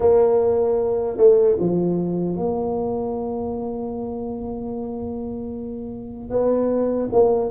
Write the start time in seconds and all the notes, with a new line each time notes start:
0.00 A#3
1.17 A3
1.59 F3
2.36 A#3
6.30 B3
7.12 A#3